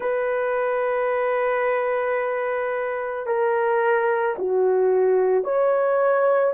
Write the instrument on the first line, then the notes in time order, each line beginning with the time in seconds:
horn
0.00 B4
3.26 A#4
4.38 F#4
5.43 C#5